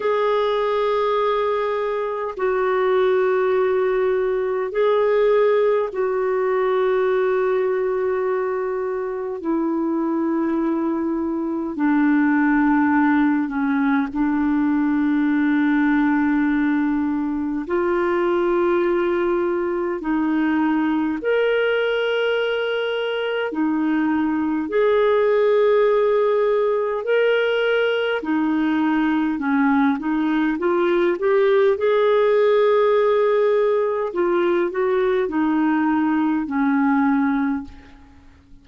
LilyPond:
\new Staff \with { instrumentName = "clarinet" } { \time 4/4 \tempo 4 = 51 gis'2 fis'2 | gis'4 fis'2. | e'2 d'4. cis'8 | d'2. f'4~ |
f'4 dis'4 ais'2 | dis'4 gis'2 ais'4 | dis'4 cis'8 dis'8 f'8 g'8 gis'4~ | gis'4 f'8 fis'8 dis'4 cis'4 | }